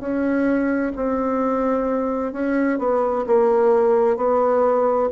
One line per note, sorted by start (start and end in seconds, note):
0.00 0.92 C#4
0.95 2.32 C4
2.32 2.79 C#4
2.79 3.25 B3
3.26 4.16 A#3
4.16 5.09 B3